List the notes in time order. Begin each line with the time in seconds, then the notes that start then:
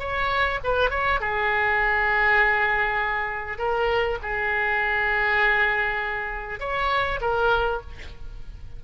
0.00 C#5
0.64 B4
0.91 C#5
1.21 G#4
3.59 A#4
4.23 G#4
6.60 C#5
7.22 A#4